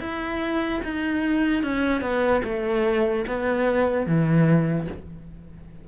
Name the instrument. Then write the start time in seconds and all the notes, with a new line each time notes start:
cello
0.00 E4
0.84 D#4
1.63 C#4
2.01 B3
2.44 A3
3.27 B3
4.06 E3